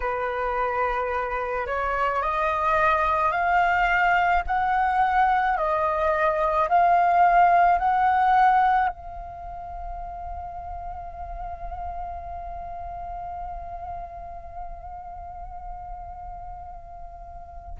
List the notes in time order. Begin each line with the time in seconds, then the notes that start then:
0.00 B4
1.66 C#5
2.22 D#5
3.31 F5
4.46 F#5
5.57 D#5
6.69 F5
7.78 F#5
8.88 F5